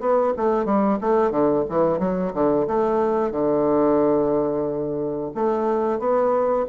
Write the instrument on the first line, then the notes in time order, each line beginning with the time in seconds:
bassoon
0.00 B3
0.37 A3
0.65 G3
1.01 A3
1.31 D3
1.69 E3
1.99 F#3
2.34 D3
2.67 A3
3.31 D3
5.35 A3
5.99 B3